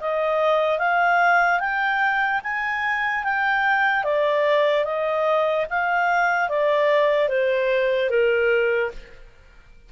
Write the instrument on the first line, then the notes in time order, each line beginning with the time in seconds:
clarinet
0.00 D#5
0.79 F5
1.60 G5
2.43 G#5
3.24 G5
4.04 D5
4.85 D#5
5.70 F5
6.49 D5
7.29 C5
8.10 A#4